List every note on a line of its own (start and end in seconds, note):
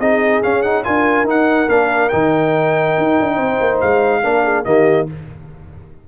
0.00 0.42 C4
0.00 0.43 D#4
0.00 0.85 G#4
0.00 0.42 D#5
0.43 0.64 C#4
0.43 0.87 C#4
0.43 0.62 F5
0.62 0.84 D#4
0.62 0.84 F#5
0.84 1.25 D4
0.84 1.26 F4
0.84 3.36 A#4
0.84 1.26 G#5
1.25 1.67 D#4
1.25 1.68 D#4
1.25 1.69 F#5
1.68 2.11 A#3
1.68 2.11 D4
1.68 2.09 F5
2.09 2.98 D#3
2.09 4.23 D#4
2.09 3.78 G5
2.98 3.19 D#4
3.21 3.37 D4
3.36 3.59 C4
3.36 4.20 C5
3.60 3.82 A#3
3.81 4.24 G#3
3.81 4.65 F5
4.23 4.66 A#3
4.23 4.65 D4
4.23 4.44 A#4
4.44 4.65 G#4
4.65 5.08 D#3
4.65 5.07 A#3
4.65 5.08 G4
4.65 5.07 D#5